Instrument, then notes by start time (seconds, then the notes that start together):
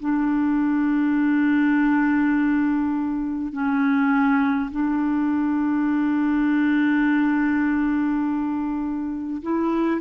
clarinet
0.00 D4
3.52 C#4
4.71 D4
9.42 E4